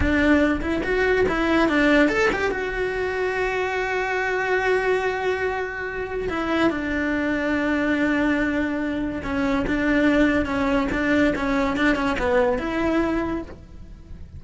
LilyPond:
\new Staff \with { instrumentName = "cello" } { \time 4/4 \tempo 4 = 143 d'4. e'8 fis'4 e'4 | d'4 a'8 g'8 fis'2~ | fis'1~ | fis'2. e'4 |
d'1~ | d'2 cis'4 d'4~ | d'4 cis'4 d'4 cis'4 | d'8 cis'8 b4 e'2 | }